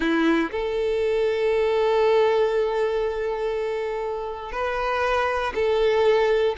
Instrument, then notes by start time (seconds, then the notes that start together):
violin
0.00 E4
0.51 A4
4.52 B4
5.54 A4